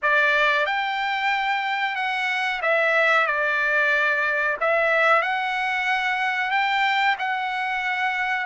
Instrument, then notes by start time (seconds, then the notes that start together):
trumpet
0.02 D5
0.66 G5
1.95 F#5
2.62 E5
3.26 D5
4.60 E5
5.22 F#5
6.50 G5
7.19 F#5